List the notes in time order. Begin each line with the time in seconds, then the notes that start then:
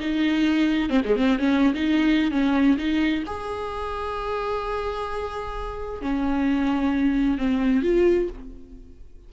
0.00 D#4
0.89 C4
1.05 G#3
1.16 C4
1.39 C#4
1.74 D#4
2.31 C#4
2.77 D#4
3.26 G#4
6.02 C#4
7.38 C4
7.82 F4